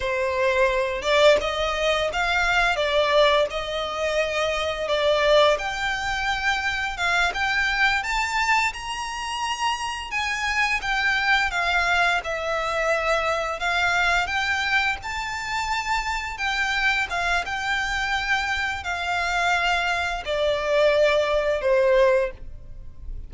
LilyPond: \new Staff \with { instrumentName = "violin" } { \time 4/4 \tempo 4 = 86 c''4. d''8 dis''4 f''4 | d''4 dis''2 d''4 | g''2 f''8 g''4 a''8~ | a''8 ais''2 gis''4 g''8~ |
g''8 f''4 e''2 f''8~ | f''8 g''4 a''2 g''8~ | g''8 f''8 g''2 f''4~ | f''4 d''2 c''4 | }